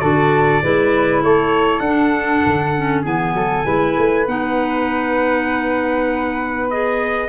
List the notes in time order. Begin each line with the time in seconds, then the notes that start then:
0.00 D3 F#4 A4 D5
0.62 G#3 E4 B4
1.23 A3 A4 C#5
1.80 D4 F#5
2.46 D3
2.76 C#4
3.02 E3 B3 G#4 G#5
3.34 F#3 A4
3.64 G#3 E4 B4
3.97 A3
4.27 B3 D#4 F#5
6.70 G#4 D#5